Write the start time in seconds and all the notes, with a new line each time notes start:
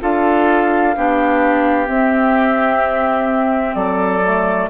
0.00 D4 F4 A4 F5
0.96 B3 D4 G4
1.86 C4 E5
3.75 F#3 A4 D5
4.23 A3